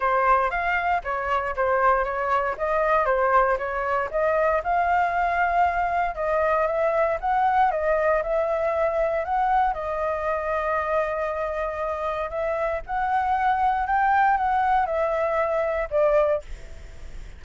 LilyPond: \new Staff \with { instrumentName = "flute" } { \time 4/4 \tempo 4 = 117 c''4 f''4 cis''4 c''4 | cis''4 dis''4 c''4 cis''4 | dis''4 f''2. | dis''4 e''4 fis''4 dis''4 |
e''2 fis''4 dis''4~ | dis''1 | e''4 fis''2 g''4 | fis''4 e''2 d''4 | }